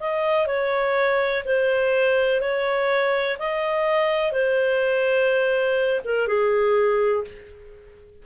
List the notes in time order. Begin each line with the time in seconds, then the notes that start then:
0.00 D#5
0.47 C#5
1.46 C5
2.41 C#5
3.39 D#5
4.32 C5
6.05 A#4
6.28 G#4